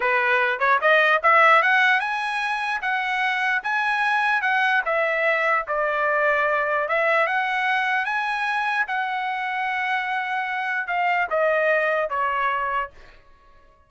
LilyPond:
\new Staff \with { instrumentName = "trumpet" } { \time 4/4 \tempo 4 = 149 b'4. cis''8 dis''4 e''4 | fis''4 gis''2 fis''4~ | fis''4 gis''2 fis''4 | e''2 d''2~ |
d''4 e''4 fis''2 | gis''2 fis''2~ | fis''2. f''4 | dis''2 cis''2 | }